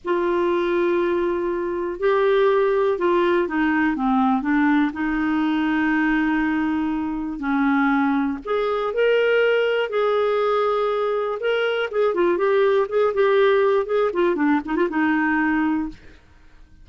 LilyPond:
\new Staff \with { instrumentName = "clarinet" } { \time 4/4 \tempo 4 = 121 f'1 | g'2 f'4 dis'4 | c'4 d'4 dis'2~ | dis'2. cis'4~ |
cis'4 gis'4 ais'2 | gis'2. ais'4 | gis'8 f'8 g'4 gis'8 g'4. | gis'8 f'8 d'8 dis'16 f'16 dis'2 | }